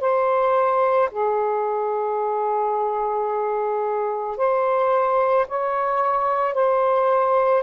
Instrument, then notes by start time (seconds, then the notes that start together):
saxophone
0.00 C5
1.11 G#4
4.37 C5
5.48 C#5
6.54 C5